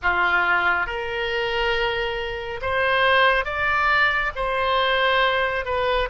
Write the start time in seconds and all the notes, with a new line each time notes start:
0.02 F4
0.86 A#4
2.61 C5
3.44 D5
4.35 C5
5.65 B4